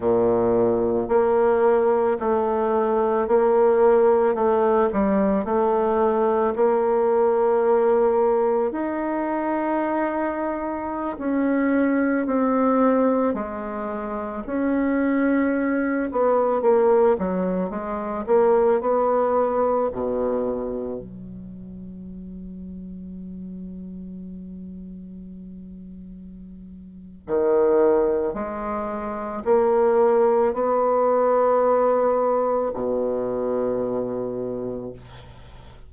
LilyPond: \new Staff \with { instrumentName = "bassoon" } { \time 4/4 \tempo 4 = 55 ais,4 ais4 a4 ais4 | a8 g8 a4 ais2 | dis'2~ dis'16 cis'4 c'8.~ | c'16 gis4 cis'4. b8 ais8 fis16~ |
fis16 gis8 ais8 b4 b,4 fis8.~ | fis1~ | fis4 dis4 gis4 ais4 | b2 b,2 | }